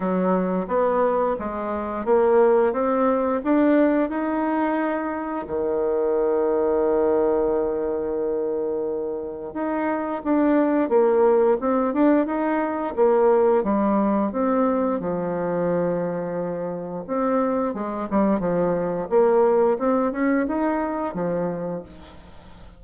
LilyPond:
\new Staff \with { instrumentName = "bassoon" } { \time 4/4 \tempo 4 = 88 fis4 b4 gis4 ais4 | c'4 d'4 dis'2 | dis1~ | dis2 dis'4 d'4 |
ais4 c'8 d'8 dis'4 ais4 | g4 c'4 f2~ | f4 c'4 gis8 g8 f4 | ais4 c'8 cis'8 dis'4 f4 | }